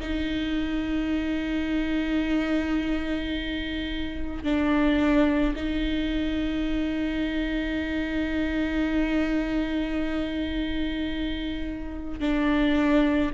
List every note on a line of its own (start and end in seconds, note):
0.00 4.43 D#4
4.43 5.55 D4
5.56 12.20 D#4
12.20 13.31 D4